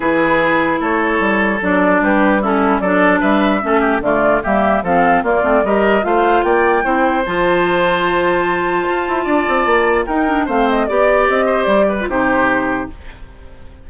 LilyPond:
<<
  \new Staff \with { instrumentName = "flute" } { \time 4/4 \tempo 4 = 149 b'2 cis''2 | d''4 b'4 a'4 d''4 | e''2 d''4 e''4 | f''4 d''4 dis''4 f''4 |
g''2 a''2~ | a''1~ | a''4 g''4 f''8 dis''8 d''4 | dis''4 d''4 c''2 | }
  \new Staff \with { instrumentName = "oboe" } { \time 4/4 gis'2 a'2~ | a'4 g'4 e'4 a'4 | b'4 a'8 g'8 f'4 g'4 | a'4 f'4 ais'4 c''4 |
d''4 c''2.~ | c''2. d''4~ | d''4 ais'4 c''4 d''4~ | d''8 c''4 b'8 g'2 | }
  \new Staff \with { instrumentName = "clarinet" } { \time 4/4 e'1 | d'2 cis'4 d'4~ | d'4 cis'4 a4 ais4 | c'4 ais8 c'8 g'4 f'4~ |
f'4 e'4 f'2~ | f'1~ | f'4 dis'8 d'8 c'4 g'4~ | g'4.~ g'16 f'16 dis'2 | }
  \new Staff \with { instrumentName = "bassoon" } { \time 4/4 e2 a4 g4 | fis4 g2 fis4 | g4 a4 d4 g4 | f4 ais8 a8 g4 a4 |
ais4 c'4 f2~ | f2 f'8 e'8 d'8 c'8 | ais4 dis'4 a4 b4 | c'4 g4 c2 | }
>>